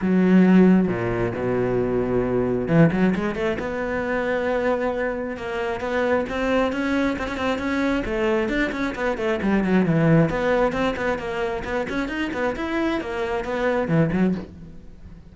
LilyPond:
\new Staff \with { instrumentName = "cello" } { \time 4/4 \tempo 4 = 134 fis2 ais,4 b,4~ | b,2 e8 fis8 gis8 a8 | b1 | ais4 b4 c'4 cis'4 |
c'16 cis'16 c'8 cis'4 a4 d'8 cis'8 | b8 a8 g8 fis8 e4 b4 | c'8 b8 ais4 b8 cis'8 dis'8 b8 | e'4 ais4 b4 e8 fis8 | }